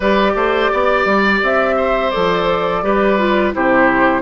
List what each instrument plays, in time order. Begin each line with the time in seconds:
0.00 bassoon G3, clarinet G4, oboe B4, flute D5
0.35 bassoon A3, oboe C5
0.71 bassoon B3, oboe D5
1.05 bassoon G3
1.42 bassoon C4, flute E5
1.76 oboe C5
2.10 bassoon F3, clarinet A4, flute D5
2.82 bassoon G3, clarinet G4, oboe B4
3.18 clarinet F4
3.53 bassoon C3, clarinet E4, oboe G4, flute C5